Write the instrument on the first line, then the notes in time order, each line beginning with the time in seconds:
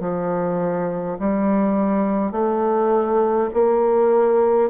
bassoon
0.00 F3
1.19 G3
2.32 A3
3.53 A#3